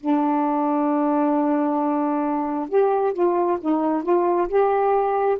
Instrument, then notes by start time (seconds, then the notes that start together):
saxophone
0.00 D4
2.69 G4
3.13 F4
3.60 D#4
4.03 F4
4.48 G4